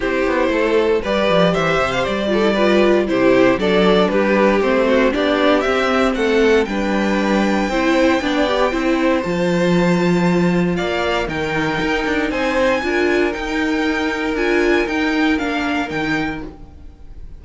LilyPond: <<
  \new Staff \with { instrumentName = "violin" } { \time 4/4 \tempo 4 = 117 c''2 d''4 e''8. f''16 | d''2 c''4 d''4 | b'4 c''4 d''4 e''4 | fis''4 g''2.~ |
g''2 a''2~ | a''4 f''4 g''2 | gis''2 g''2 | gis''4 g''4 f''4 g''4 | }
  \new Staff \with { instrumentName = "violin" } { \time 4/4 g'4 a'4 b'4 c''4~ | c''8 a'8 b'4 g'4 a'4 | g'4. fis'8 g'2 | a'4 b'2 c''4 |
d''4 c''2.~ | c''4 d''4 ais'2 | c''4 ais'2.~ | ais'1 | }
  \new Staff \with { instrumentName = "viola" } { \time 4/4 e'2 g'2~ | g'8 f'16 e'16 f'4 e'4 d'4~ | d'4 c'4 d'4 c'4~ | c'4 d'2 e'4 |
d'8 g'8 e'4 f'2~ | f'2 dis'2~ | dis'4 f'4 dis'2 | f'4 dis'4 d'4 dis'4 | }
  \new Staff \with { instrumentName = "cello" } { \time 4/4 c'8 b8 a4 g8 f8 e8 c8 | g2 c4 fis4 | g4 a4 b4 c'4 | a4 g2 c'4 |
b4 c'4 f2~ | f4 ais4 dis4 dis'8 d'8 | c'4 d'4 dis'2 | d'4 dis'4 ais4 dis4 | }
>>